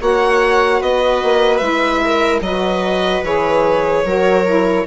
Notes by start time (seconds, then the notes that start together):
0.00 A#3 F#4 C#5 F#5
0.81 B3 B4 D#5
1.24 A#3
1.58 G#3 E4 E5
2.05 A#4
2.41 F#3 F#4 B4 D#5
3.24 E3 G#4 C#5
4.05 F#3 F#4 A#4
4.46 E4